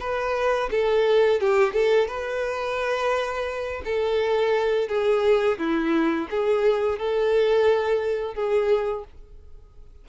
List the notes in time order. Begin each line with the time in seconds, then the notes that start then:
0.00 B4
0.71 A4
1.40 G4
1.73 A4
2.08 B4
3.85 A4
4.88 G#4
5.58 E4
6.30 G#4
6.99 A4
8.35 G#4